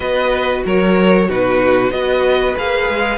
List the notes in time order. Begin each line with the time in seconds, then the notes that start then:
0.00 B3 F#4 B4 D#5
0.65 F#3 A#4 C#5
1.28 B2 D#4 F#4 B4
1.90 B3 F#4 B4 D#5
2.56 A#3 G#4 F5
2.88 G#3